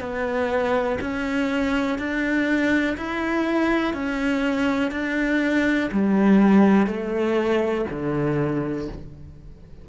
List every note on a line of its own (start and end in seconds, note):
0.00 0.98 B3
1.01 1.99 C#4
1.99 2.97 D4
2.97 3.94 E4
3.94 4.91 C#4
4.91 5.90 D4
5.92 6.87 G3
6.87 7.86 A3
7.90 8.89 D3